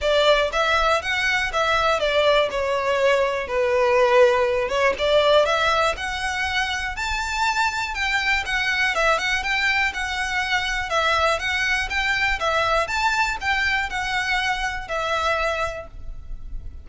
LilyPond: \new Staff \with { instrumentName = "violin" } { \time 4/4 \tempo 4 = 121 d''4 e''4 fis''4 e''4 | d''4 cis''2 b'4~ | b'4. cis''8 d''4 e''4 | fis''2 a''2 |
g''4 fis''4 e''8 fis''8 g''4 | fis''2 e''4 fis''4 | g''4 e''4 a''4 g''4 | fis''2 e''2 | }